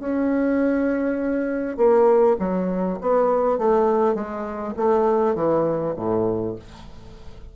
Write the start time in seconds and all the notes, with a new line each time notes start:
0.00 C#4
1.77 A#3
2.40 F#3
3.01 B3
3.59 A3
4.15 G#3
4.77 A3
5.35 E3
5.96 A2